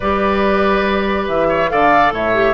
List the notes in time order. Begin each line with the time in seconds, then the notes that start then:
0.00 G3 G4 B4 D5
1.27 E3 E5
1.48 C#5
1.69 D3 A4 D5 F5
2.11 A2 C#5 E5
2.33 G4